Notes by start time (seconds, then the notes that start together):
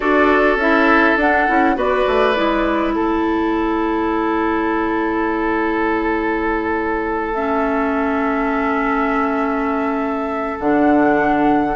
0.00 D4 F#4 A4 D5
0.55 C#4 E4 E5
1.17 D4 F#5
1.47 C#4 E4
1.75 B3 F#4 B4 D5
2.07 A3
2.34 G#3 E4
2.94 A3 A4 C#5
7.34 C#4 E5
10.59 D3 D4 F#5